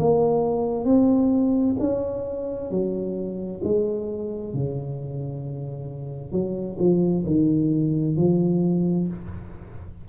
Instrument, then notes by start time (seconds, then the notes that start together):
tuba
0.00 A#3
0.85 C4
1.80 C#4
2.71 F#3
3.64 G#3
4.54 C#3
6.32 F#3
6.80 F3
7.27 D#3
8.17 F3